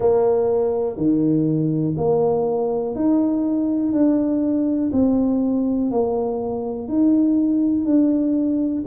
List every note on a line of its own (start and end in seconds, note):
0.00 0.96 A#3
0.96 1.94 D#3
1.97 2.95 A#3
2.95 3.92 D#4
3.92 4.90 D4
4.92 5.90 C4
5.90 6.88 A#3
6.88 7.85 D#4
7.85 8.83 D4